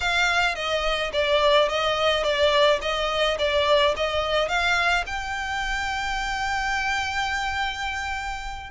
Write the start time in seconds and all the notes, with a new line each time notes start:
0.00 F5
0.55 D#5
1.12 D5
1.68 D#5
2.23 D5
2.81 D#5
3.38 D5
3.96 D#5
4.48 F5
5.06 G5